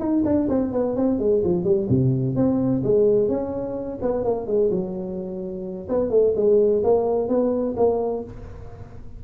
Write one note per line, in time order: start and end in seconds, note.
0.00 0.23 D#4
0.25 0.49 D4
0.49 0.73 C4
0.73 0.96 B3
0.96 1.19 C4
1.19 1.43 G#3
1.45 1.65 F3
1.65 1.88 G3
1.90 2.36 C3
2.36 2.83 C4
2.84 3.29 G#3
3.29 3.99 C#4
4.02 4.25 B3
4.25 4.47 A#3
4.47 4.71 G#3
4.71 5.88 F#3
5.89 6.11 B3
6.11 6.34 A3
6.37 6.84 G#3
6.84 7.29 A#3
7.29 7.76 B3
7.77 8.24 A#3